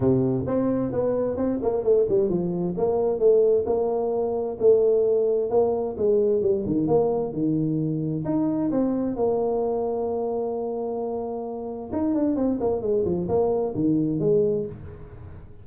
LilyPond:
\new Staff \with { instrumentName = "tuba" } { \time 4/4 \tempo 4 = 131 c4 c'4 b4 c'8 ais8 | a8 g8 f4 ais4 a4 | ais2 a2 | ais4 gis4 g8 dis8 ais4 |
dis2 dis'4 c'4 | ais1~ | ais2 dis'8 d'8 c'8 ais8 | gis8 f8 ais4 dis4 gis4 | }